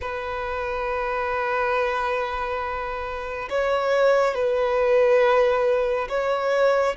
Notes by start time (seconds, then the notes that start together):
0.01 B4
3.49 C#5
4.34 B4
6.09 C#5